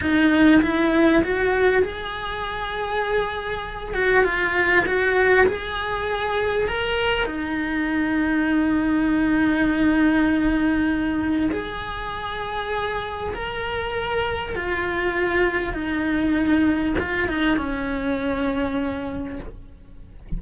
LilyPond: \new Staff \with { instrumentName = "cello" } { \time 4/4 \tempo 4 = 99 dis'4 e'4 fis'4 gis'4~ | gis'2~ gis'8 fis'8 f'4 | fis'4 gis'2 ais'4 | dis'1~ |
dis'2. gis'4~ | gis'2 ais'2 | f'2 dis'2 | f'8 dis'8 cis'2. | }